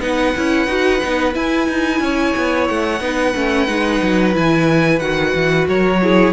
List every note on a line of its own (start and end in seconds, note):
0.00 0.33 B3
0.00 0.35 D#4
0.00 2.03 B4
0.00 1.34 F#5
0.36 0.67 C#4
0.36 0.67 E4
0.67 1.00 D#4
0.67 1.01 F#4
1.02 1.35 B3
1.02 1.33 D#4
1.33 2.99 E4
1.33 1.68 E4
1.33 2.68 G#5
1.68 2.00 D#4
2.00 2.33 C#4
2.00 3.03 C#5
2.37 2.70 B3
2.68 3.00 A3
2.68 4.34 F#5
3.00 3.33 B3
3.00 3.34 D#4
3.00 5.68 B4
3.35 3.68 A3
3.35 3.67 C#4
3.67 4.01 G#3
3.67 4.33 D#4
4.02 4.36 F#3
4.33 5.00 E3
4.33 5.00 E4
4.33 4.99 G#5
4.99 5.34 D#3
4.99 6.01 F#4
4.99 5.66 F#5
5.35 5.68 E3
5.68 6.33 F#3
5.68 6.01 A#4
5.68 6.33 C#5
6.02 6.33 E4
6.02 6.33 G#4